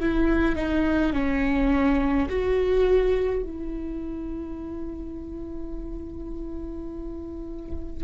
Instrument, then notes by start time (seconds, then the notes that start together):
viola
0.00 E4
0.56 D#4
1.13 C#4
2.29 F#4
3.42 E4